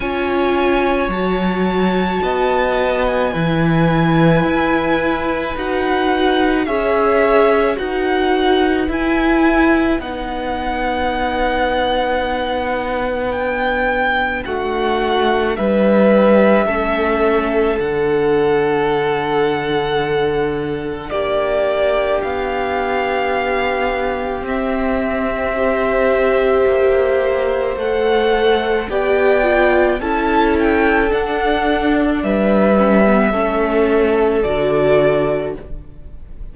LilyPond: <<
  \new Staff \with { instrumentName = "violin" } { \time 4/4 \tempo 4 = 54 gis''4 a''4.~ a''16 gis''4~ gis''16~ | gis''4 fis''4 e''4 fis''4 | gis''4 fis''2. | g''4 fis''4 e''2 |
fis''2. d''4 | f''2 e''2~ | e''4 fis''4 g''4 a''8 g''8 | fis''4 e''2 d''4 | }
  \new Staff \with { instrumentName = "violin" } { \time 4/4 cis''2 dis''4 b'4~ | b'2 cis''4 b'4~ | b'1~ | b'4 fis'4 b'4 a'4~ |
a'2. g'4~ | g'2. c''4~ | c''2 d''4 a'4~ | a'4 b'4 a'2 | }
  \new Staff \with { instrumentName = "viola" } { \time 4/4 f'4 fis'2 e'4~ | e'4 fis'4 gis'4 fis'4 | e'4 dis'2. | d'2. cis'4 |
d'1~ | d'2 c'4 g'4~ | g'4 a'4 g'8 f'8 e'4 | d'4. cis'16 b16 cis'4 fis'4 | }
  \new Staff \with { instrumentName = "cello" } { \time 4/4 cis'4 fis4 b4 e4 | e'4 dis'4 cis'4 dis'4 | e'4 b2.~ | b4 a4 g4 a4 |
d2. ais4 | b2 c'2 | ais4 a4 b4 cis'4 | d'4 g4 a4 d4 | }
>>